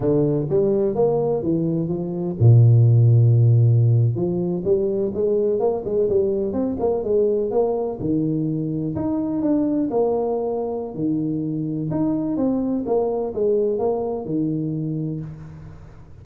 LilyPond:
\new Staff \with { instrumentName = "tuba" } { \time 4/4 \tempo 4 = 126 d4 g4 ais4 e4 | f4 ais,2.~ | ais,8. f4 g4 gis4 ais16~ | ais16 gis8 g4 c'8 ais8 gis4 ais16~ |
ais8. dis2 dis'4 d'16~ | d'8. ais2~ ais16 dis4~ | dis4 dis'4 c'4 ais4 | gis4 ais4 dis2 | }